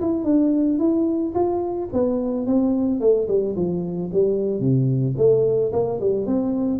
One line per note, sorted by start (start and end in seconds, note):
0.00 0.24 E4
0.24 0.78 D4
0.78 1.33 E4
1.34 1.89 F4
1.92 2.46 B3
2.46 3.00 C4
3.00 3.27 A3
3.28 3.55 G3
3.56 4.10 F3
4.12 4.60 G3
4.60 5.14 C3
5.17 5.71 A3
5.72 5.99 A#3
6.00 6.26 G3
6.26 6.79 C4